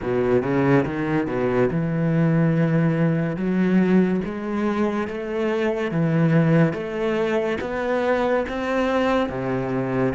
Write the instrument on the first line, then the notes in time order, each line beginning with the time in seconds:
cello
0.02 B2
0.42 C#3
0.85 D#3
1.27 B2
1.70 E3
3.36 F#3
4.24 G#3
5.07 A3
5.91 E3
6.73 A3
7.61 B3
8.48 C4
9.29 C3